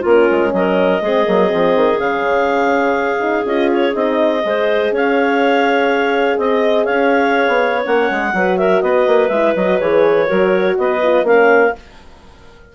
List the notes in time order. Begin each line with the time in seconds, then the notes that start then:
0.00 A#3 C#4 F4 A#4
0.30 G#3
0.53 F#3 A#4 D#5
1.01 G#3 C4 G#4
1.24 F#3 A#3
1.47 F3 C4
1.75 D#3
1.98 C#3 C#4 F5
3.19 D#4
3.44 C#4 F4 D#5
3.71 C#5
3.92 C4 D#4 D#5
4.43 G#3 G#4 C5
4.91 C#4 C#5 F5
6.37 C4 D#5
6.84 C#4 C#5 F5
7.47 B3
7.82 A#3 C#4 F#5
8.10 G#3
8.33 F#3 F#4 B4
8.57 A#4 E5
8.81 B3 B4 D#5
9.06 A#3
9.28 G#3 E4 E5
9.55 F#3 F#4 D#5
9.79 E3 G#4 C#5
10.26 F#3 F#4 A#4
10.77 B3 B4 D#5
11.02 F4
11.23 A#3 C#4 A#4 F5